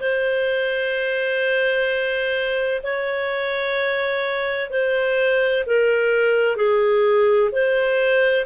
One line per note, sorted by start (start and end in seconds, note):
0.00 2.81 C5
2.83 4.70 C#5
4.70 5.64 C5
5.65 6.56 A#4
6.56 7.50 G#4
7.51 8.45 C5